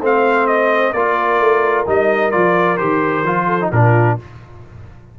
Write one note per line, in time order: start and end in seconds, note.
0.00 0.93 A3
0.00 0.95 C4
0.00 0.92 C5
0.00 0.46 F5
0.46 0.92 D#5
0.92 1.40 A#3
0.92 1.86 F4
0.92 3.46 A#4
0.92 1.85 D5
1.40 1.86 A3
1.86 2.33 G3
1.86 2.31 D#4
1.86 2.31 D#5
2.31 2.80 F3
2.31 2.77 F4
2.31 2.77 D5
2.77 3.24 D#3
2.77 3.24 G4
2.77 3.69 C5
3.24 3.70 F3
3.24 3.61 F4
3.46 3.69 A4
3.61 3.72 D#4
3.71 4.17 A#2
3.71 4.19 D4
3.71 4.18 F4
3.71 4.18 A#4